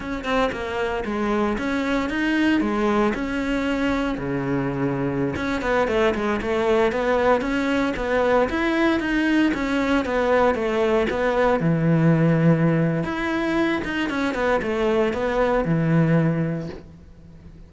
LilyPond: \new Staff \with { instrumentName = "cello" } { \time 4/4 \tempo 4 = 115 cis'8 c'8 ais4 gis4 cis'4 | dis'4 gis4 cis'2 | cis2~ cis16 cis'8 b8 a8 gis16~ | gis16 a4 b4 cis'4 b8.~ |
b16 e'4 dis'4 cis'4 b8.~ | b16 a4 b4 e4.~ e16~ | e4 e'4. dis'8 cis'8 b8 | a4 b4 e2 | }